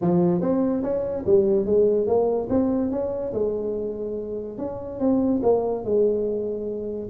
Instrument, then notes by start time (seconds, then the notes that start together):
tuba
0.01 F3
0.41 C4
0.82 C#4
1.26 G3
1.65 G#3
2.06 A#3
2.49 C4
2.91 C#4
3.33 G#3
4.58 C#4
4.99 C4
5.42 A#3
5.84 G#3